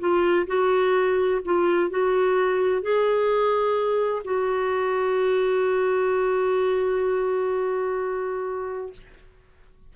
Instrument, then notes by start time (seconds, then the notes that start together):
clarinet
0.00 F4
0.47 F#4
1.45 F4
1.90 F#4
2.82 G#4
4.25 F#4